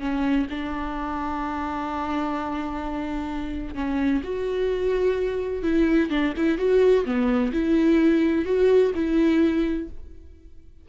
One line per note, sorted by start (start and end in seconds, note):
0.00 0.47 C#4
0.50 3.75 D4
3.75 4.21 C#4
4.23 5.63 F#4
5.63 6.10 E4
6.10 6.33 D4
6.37 6.58 E4
6.58 7.05 F#4
7.05 7.52 B3
7.53 8.45 E4
8.45 8.92 F#4
8.95 9.89 E4